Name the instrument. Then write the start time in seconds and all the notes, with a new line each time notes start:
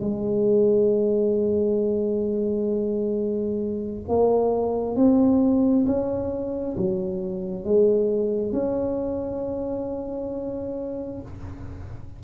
tuba
0.00 G#3
4.08 A#3
4.96 C4
5.86 C#4
6.77 F#3
7.64 G#3
8.52 C#4